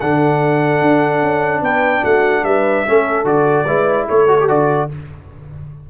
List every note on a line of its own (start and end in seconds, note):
0.00 0.81 D3
0.00 2.87 D4
0.00 1.62 A4
0.00 1.63 F#5
0.81 1.22 D4
1.22 1.61 C#4
1.61 2.01 B3
1.61 2.01 B4
1.61 2.04 G5
2.01 2.43 A3
2.01 2.42 F#4
2.01 2.44 F#5
2.43 2.84 G3
2.43 2.85 B4
2.43 3.26 E5
2.85 3.24 A3
2.85 3.24 C#4
2.85 3.66 A4
3.24 3.65 D3
3.24 3.65 F#4
3.24 4.08 D5
3.65 4.06 G#3
3.65 4.28 E4
3.65 4.07 B4
4.08 4.48 A3
4.08 4.89 A4
4.08 4.49 C#5
4.28 4.38 F#4
4.40 4.48 G4
4.48 4.89 D3
4.48 4.89 F#4
4.48 4.90 D5